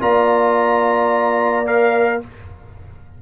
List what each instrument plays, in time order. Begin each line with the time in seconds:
0.00 tuba A#3, trombone F4, horn D5, trumpet A#5
1.65 trombone A#4, trumpet F5